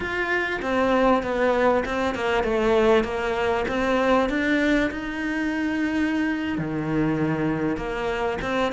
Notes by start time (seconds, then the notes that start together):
0.00 F4
0.62 C4
1.22 B3
1.85 C4
2.14 A#3
2.43 A3
3.04 A#3
3.68 C4
4.29 D4
4.90 D#4
6.58 D#3
7.76 A#3
8.41 C4